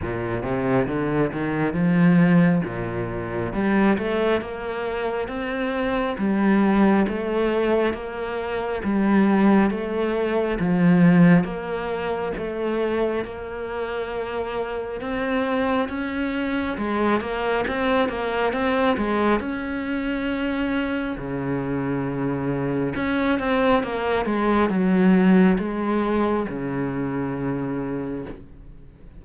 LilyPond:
\new Staff \with { instrumentName = "cello" } { \time 4/4 \tempo 4 = 68 ais,8 c8 d8 dis8 f4 ais,4 | g8 a8 ais4 c'4 g4 | a4 ais4 g4 a4 | f4 ais4 a4 ais4~ |
ais4 c'4 cis'4 gis8 ais8 | c'8 ais8 c'8 gis8 cis'2 | cis2 cis'8 c'8 ais8 gis8 | fis4 gis4 cis2 | }